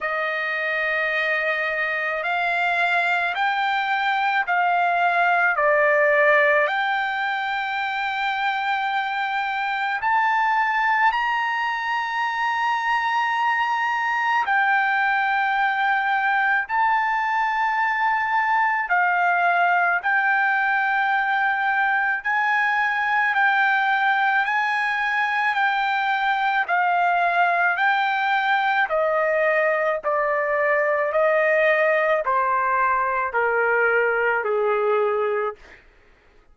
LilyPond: \new Staff \with { instrumentName = "trumpet" } { \time 4/4 \tempo 4 = 54 dis''2 f''4 g''4 | f''4 d''4 g''2~ | g''4 a''4 ais''2~ | ais''4 g''2 a''4~ |
a''4 f''4 g''2 | gis''4 g''4 gis''4 g''4 | f''4 g''4 dis''4 d''4 | dis''4 c''4 ais'4 gis'4 | }